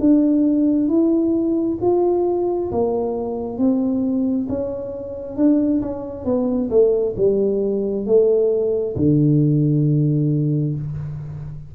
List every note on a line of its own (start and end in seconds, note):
0.00 0.88 D4
0.88 1.78 E4
1.82 2.71 F4
2.72 3.58 A#3
3.58 4.47 C4
4.49 5.37 C#4
5.37 5.82 D4
5.82 6.25 C#4
6.25 6.70 B3
6.70 7.15 A3
7.16 8.06 G3
8.06 8.96 A3
8.96 10.75 D3